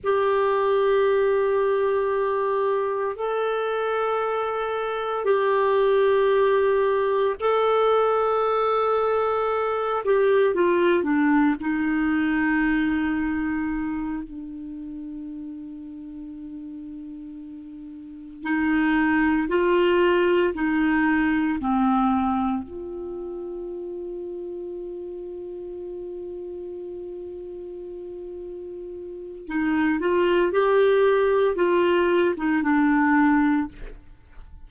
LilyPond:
\new Staff \with { instrumentName = "clarinet" } { \time 4/4 \tempo 4 = 57 g'2. a'4~ | a'4 g'2 a'4~ | a'4. g'8 f'8 d'8 dis'4~ | dis'4. d'2~ d'8~ |
d'4. dis'4 f'4 dis'8~ | dis'8 c'4 f'2~ f'8~ | f'1 | dis'8 f'8 g'4 f'8. dis'16 d'4 | }